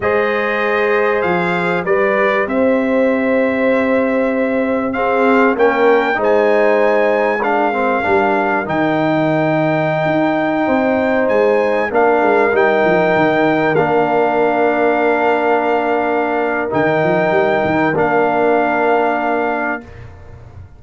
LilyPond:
<<
  \new Staff \with { instrumentName = "trumpet" } { \time 4/4 \tempo 4 = 97 dis''2 f''4 d''4 | e''1 | f''4 g''4 gis''2 | f''2 g''2~ |
g''2~ g''16 gis''4 f''8.~ | f''16 g''2 f''4.~ f''16~ | f''2. g''4~ | g''4 f''2. | }
  \new Staff \with { instrumentName = "horn" } { \time 4/4 c''2. b'4 | c''1 | gis'4 ais'4 c''2 | ais'1~ |
ais'4~ ais'16 c''2 ais'8.~ | ais'1~ | ais'1~ | ais'1 | }
  \new Staff \with { instrumentName = "trombone" } { \time 4/4 gis'2. g'4~ | g'1 | c'4 cis'4 dis'2 | d'8 c'8 d'4 dis'2~ |
dis'2.~ dis'16 d'8.~ | d'16 dis'2 d'4.~ d'16~ | d'2. dis'4~ | dis'4 d'2. | }
  \new Staff \with { instrumentName = "tuba" } { \time 4/4 gis2 f4 g4 | c'1~ | c'4 ais4 gis2~ | gis4 g4 dis2~ |
dis16 dis'4 c'4 gis4 ais8 gis16~ | gis16 g8 f8 dis4 ais4.~ ais16~ | ais2. dis8 f8 | g8 dis8 ais2. | }
>>